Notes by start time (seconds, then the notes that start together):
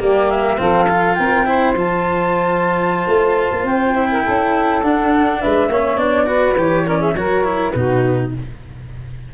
0.00 G3 A#3 G4 D5
0.31 E5
0.58 F3 C4 A4 F5
0.90 F4
1.15 C4 A#4 G5
1.46 E4 C5
1.75 F3 F4 A5
3.07 A3
3.52 A#3
3.63 C4 G5
3.95 E4
4.12 A#4
4.23 C#4 A4
4.83 D4 F#5
5.40 G#3 B4 E5
5.69 A#3 C#4 C#5
5.97 B3 D4 D5
6.26 F#4 B4
6.56 E3 G4 C#5
6.86 C#4 A#4 D5
7.00 G#4 E5
7.15 F#3 F#4 A#4 C#5
7.45 E4
7.71 B2 D#4 F#4 B4